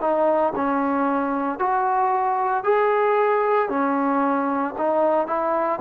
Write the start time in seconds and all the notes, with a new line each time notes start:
0.00 D#4
0.55 C#4
1.58 F#4
2.63 G#4
3.69 C#4
4.78 D#4
5.26 E4